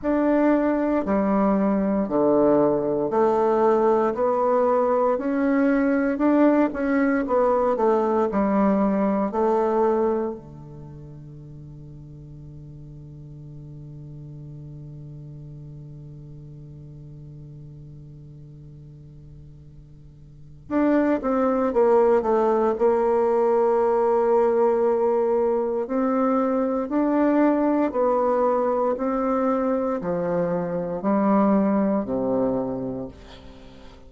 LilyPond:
\new Staff \with { instrumentName = "bassoon" } { \time 4/4 \tempo 4 = 58 d'4 g4 d4 a4 | b4 cis'4 d'8 cis'8 b8 a8 | g4 a4 d2~ | d1~ |
d1 | d'8 c'8 ais8 a8 ais2~ | ais4 c'4 d'4 b4 | c'4 f4 g4 c4 | }